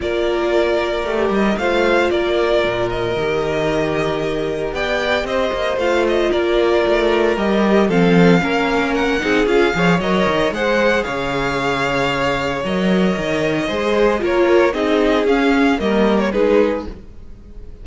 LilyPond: <<
  \new Staff \with { instrumentName = "violin" } { \time 4/4 \tempo 4 = 114 d''2~ d''8 dis''8 f''4 | d''4. dis''2~ dis''8~ | dis''4 g''4 dis''4 f''8 dis''8 | d''2 dis''4 f''4~ |
f''4 fis''4 f''4 dis''4 | fis''4 f''2. | dis''2. cis''4 | dis''4 f''4 dis''8. cis''16 b'4 | }
  \new Staff \with { instrumentName = "violin" } { \time 4/4 ais'2. c''4 | ais'1~ | ais'4 d''4 c''2 | ais'2. a'4 |
ais'4. gis'4 cis''4. | c''4 cis''2.~ | cis''2 c''4 ais'4 | gis'2 ais'4 gis'4 | }
  \new Staff \with { instrumentName = "viola" } { \time 4/4 f'2 g'4 f'4~ | f'2 g'2~ | g'2. f'4~ | f'2 g'4 c'4 |
cis'4. dis'8 f'8 gis'8 ais'4 | gis'1 | ais'2 gis'4 f'4 | dis'4 cis'4 ais4 dis'4 | }
  \new Staff \with { instrumentName = "cello" } { \time 4/4 ais2 a8 g8 a4 | ais4 ais,4 dis2~ | dis4 b4 c'8 ais8 a4 | ais4 a4 g4 f4 |
ais4. c'8 cis'8 f8 fis8 dis8 | gis4 cis2. | fis4 dis4 gis4 ais4 | c'4 cis'4 g4 gis4 | }
>>